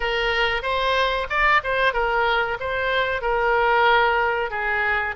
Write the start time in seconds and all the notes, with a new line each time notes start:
0.00 A#4
0.62 C5
1.29 D5
1.63 C5
1.93 A#4
2.60 C5
3.21 A#4
4.50 G#4